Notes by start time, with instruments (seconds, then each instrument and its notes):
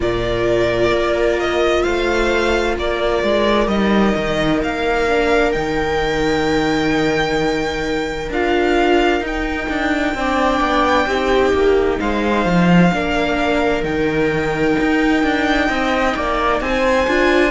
0.00 cello A#2, viola F4 A#4, violin D5
0.91 cello A#3
1.39 violin D#5
1.82 cello A3, viola C5, violin F5
2.77 cello A#3, viola A#4, violin D5
3.23 cello G#3
3.67 cello G3, viola D#4, violin D#5
4.16 cello D#3
4.62 cello A#3, violin F5
5.08 viola D4
5.52 cello D#3, viola D#4, violin G5
8.29 cello D4, viola F4, violin F5
9.21 cello D#4, viola D#4, violin G5
9.68 cello D4
10.14 cello C4, viola D4 D5
10.60 cello B3
11.06 cello C4, viola D#4 G4
11.53 cello A#3
11.99 cello G#3, viola C5, violin F5
12.45 cello F3
12.92 cello A#3, viola D4 A#4
13.82 cello D#3, viola D#4, violin G5
14.79 cello D#4
15.23 cello D4
15.68 cello C4, viola D#5
16.16 cello A#3, viola D5
16.60 cello C4, viola C5, violin G#5
17.07 cello D4, viola F4